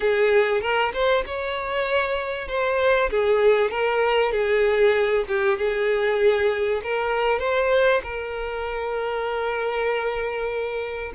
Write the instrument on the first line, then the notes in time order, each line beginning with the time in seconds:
violin
0.00 G#4
0.61 A#4
0.93 C5
1.26 C#5
2.47 C5
3.10 G#4
3.70 A#4
4.32 G#4
5.27 G4
5.58 G#4
6.83 A#4
7.39 C5
8.03 A#4